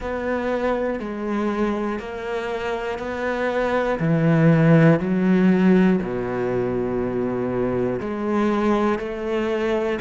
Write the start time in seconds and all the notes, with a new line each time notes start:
0.00 B3
0.99 G#3
1.99 A#3
2.99 B3
4.00 E3
4.99 F#3
6.02 B2
8.00 G#3
8.99 A3